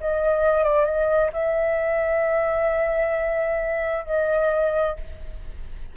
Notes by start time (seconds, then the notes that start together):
0.00 D#5
0.64 D5
0.85 D#5
1.33 E5
4.05 D#5